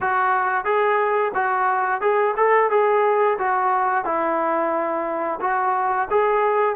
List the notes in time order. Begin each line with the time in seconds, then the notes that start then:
0.00 F#4
0.64 G#4
1.34 F#4
2.01 G#4
2.37 A4
2.70 G#4
3.38 F#4
4.04 E4
5.41 F#4
6.10 G#4